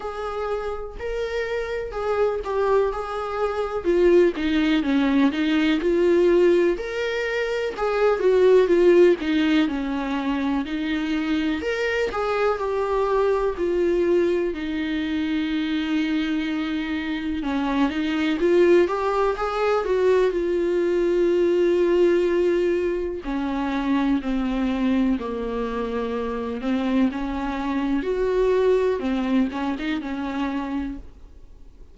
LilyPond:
\new Staff \with { instrumentName = "viola" } { \time 4/4 \tempo 4 = 62 gis'4 ais'4 gis'8 g'8 gis'4 | f'8 dis'8 cis'8 dis'8 f'4 ais'4 | gis'8 fis'8 f'8 dis'8 cis'4 dis'4 | ais'8 gis'8 g'4 f'4 dis'4~ |
dis'2 cis'8 dis'8 f'8 g'8 | gis'8 fis'8 f'2. | cis'4 c'4 ais4. c'8 | cis'4 fis'4 c'8 cis'16 dis'16 cis'4 | }